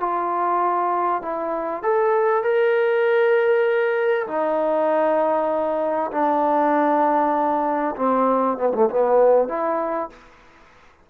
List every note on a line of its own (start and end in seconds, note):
0.00 1.22 F4
1.22 1.83 E4
1.83 2.43 A4
2.43 4.27 A#4
4.27 6.11 D#4
6.11 7.95 D4
7.96 8.57 C4
8.57 8.73 B3
8.74 8.89 A3
8.90 9.48 B3
9.48 10.09 E4